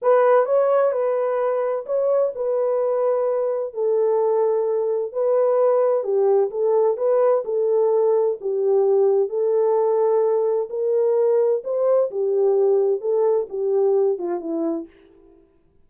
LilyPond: \new Staff \with { instrumentName = "horn" } { \time 4/4 \tempo 4 = 129 b'4 cis''4 b'2 | cis''4 b'2. | a'2. b'4~ | b'4 g'4 a'4 b'4 |
a'2 g'2 | a'2. ais'4~ | ais'4 c''4 g'2 | a'4 g'4. f'8 e'4 | }